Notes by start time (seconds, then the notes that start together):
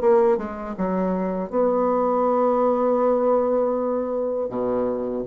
0.00 A#3
0.37 G#3
0.77 F#3
1.49 B3
4.49 B2